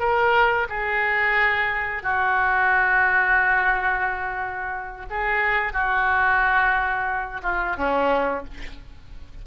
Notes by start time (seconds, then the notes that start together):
0.00 A#4
0.70 G#4
2.03 F#4
5.10 G#4
5.73 F#4
7.43 F4
7.77 C#4